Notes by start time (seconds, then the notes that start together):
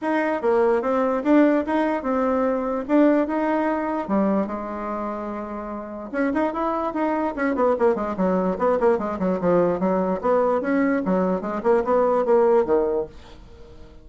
0.01 D#4
0.41 A#3
0.81 C4
1.23 D4
1.66 D#4
2.03 C4
2.88 D4
3.27 D#4
4.08 G3
4.47 G#3
6.12 C#4
6.33 D#4
6.53 E4
6.93 D#4
7.36 C#4
7.55 B3
7.78 A#3
7.95 G#3
8.17 F#3
8.58 B3
8.80 A#3
8.98 G#3
9.19 F#3
9.40 F3
9.79 F#3
10.21 B3
10.61 C#4
11.05 F#3
11.41 G#3
11.63 A#3
11.84 B3
12.25 A#3
12.65 D#3